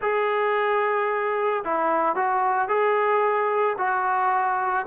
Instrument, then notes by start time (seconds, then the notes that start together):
trombone
0.01 G#4
1.64 E4
2.15 F#4
2.68 G#4
3.78 F#4